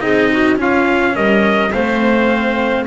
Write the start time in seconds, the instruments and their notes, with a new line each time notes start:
0.00 double bass C4, cello D#4, clarinet G#4, trumpet D#5
0.31 clarinet F#4
0.56 cello C#4, double bass C#4, clarinet F4, trumpet F5
1.14 double bass G3, clarinet A#4, trumpet D#5
1.72 double bass A3, cello C4, clarinet C5, trumpet F5